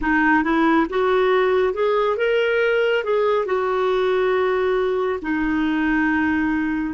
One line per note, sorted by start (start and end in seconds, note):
0.01 0.43 D#4
0.43 0.87 E4
0.89 1.73 F#4
1.73 2.17 G#4
2.17 3.04 A#4
3.04 3.45 G#4
3.45 5.19 F#4
5.22 6.94 D#4